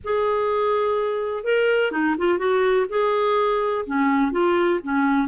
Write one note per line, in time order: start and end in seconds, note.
0.04 1.44 G#4
1.44 1.91 A#4
1.91 2.15 D#4
2.18 2.38 F4
2.38 2.86 F#4
2.89 3.85 G#4
3.86 4.31 C#4
4.31 4.79 F4
4.83 5.28 C#4